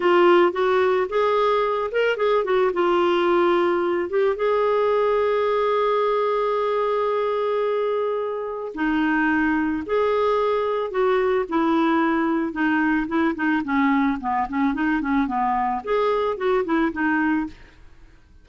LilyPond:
\new Staff \with { instrumentName = "clarinet" } { \time 4/4 \tempo 4 = 110 f'4 fis'4 gis'4. ais'8 | gis'8 fis'8 f'2~ f'8 g'8 | gis'1~ | gis'1 |
dis'2 gis'2 | fis'4 e'2 dis'4 | e'8 dis'8 cis'4 b8 cis'8 dis'8 cis'8 | b4 gis'4 fis'8 e'8 dis'4 | }